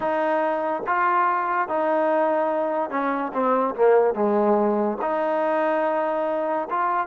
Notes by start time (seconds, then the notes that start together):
0.00 D#4
0.86 F4
1.68 D#4
2.90 C#4
3.33 C4
3.75 A#3
4.14 G#3
5.01 D#4
6.69 F4